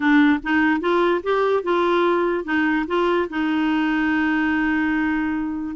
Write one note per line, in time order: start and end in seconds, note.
0.00 0.39 D4
0.43 0.80 D#4
0.80 1.21 F4
1.23 1.63 G4
1.63 2.44 F4
2.44 2.85 D#4
2.87 3.28 F4
3.29 5.76 D#4